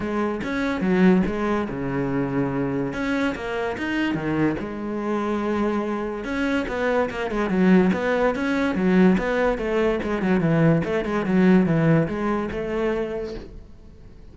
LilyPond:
\new Staff \with { instrumentName = "cello" } { \time 4/4 \tempo 4 = 144 gis4 cis'4 fis4 gis4 | cis2. cis'4 | ais4 dis'4 dis4 gis4~ | gis2. cis'4 |
b4 ais8 gis8 fis4 b4 | cis'4 fis4 b4 a4 | gis8 fis8 e4 a8 gis8 fis4 | e4 gis4 a2 | }